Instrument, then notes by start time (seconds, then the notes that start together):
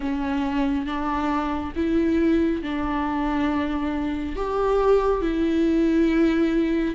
viola
0.00 C#4
0.86 D4
1.75 E4
2.62 D4
4.36 G4
5.21 E4